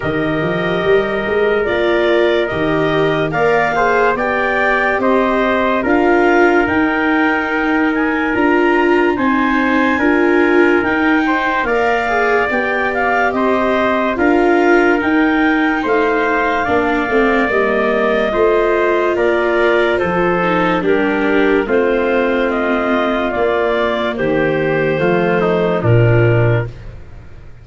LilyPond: <<
  \new Staff \with { instrumentName = "clarinet" } { \time 4/4 \tempo 4 = 72 dis''2 d''4 dis''4 | f''4 g''4 dis''4 f''4 | g''4. gis''8 ais''4 gis''4~ | gis''4 g''4 f''4 g''8 f''8 |
dis''4 f''4 g''4 f''4~ | f''4 dis''2 d''4 | c''4 ais'4 c''4 dis''4 | d''4 c''2 ais'4 | }
  \new Staff \with { instrumentName = "trumpet" } { \time 4/4 ais'1 | d''8 c''8 d''4 c''4 ais'4~ | ais'2. c''4 | ais'4. c''8 d''2 |
c''4 ais'2 c''4 | d''2 c''4 ais'4 | a'4 g'4 f'2~ | f'4 g'4 f'8 dis'8 d'4 | }
  \new Staff \with { instrumentName = "viola" } { \time 4/4 g'2 f'4 g'4 | ais'8 gis'8 g'2 f'4 | dis'2 f'4 dis'4 | f'4 dis'4 ais'8 gis'8 g'4~ |
g'4 f'4 dis'2 | d'8 c'8 ais4 f'2~ | f'8 dis'8 d'4 c'2 | ais2 a4 f4 | }
  \new Staff \with { instrumentName = "tuba" } { \time 4/4 dis8 f8 g8 gis8 ais4 dis4 | ais4 b4 c'4 d'4 | dis'2 d'4 c'4 | d'4 dis'4 ais4 b4 |
c'4 d'4 dis'4 a4 | ais8 a8 g4 a4 ais4 | f4 g4 a2 | ais4 dis4 f4 ais,4 | }
>>